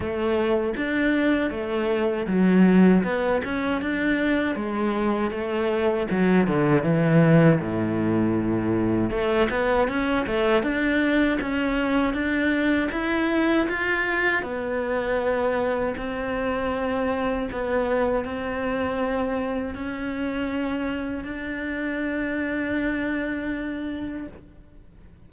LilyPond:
\new Staff \with { instrumentName = "cello" } { \time 4/4 \tempo 4 = 79 a4 d'4 a4 fis4 | b8 cis'8 d'4 gis4 a4 | fis8 d8 e4 a,2 | a8 b8 cis'8 a8 d'4 cis'4 |
d'4 e'4 f'4 b4~ | b4 c'2 b4 | c'2 cis'2 | d'1 | }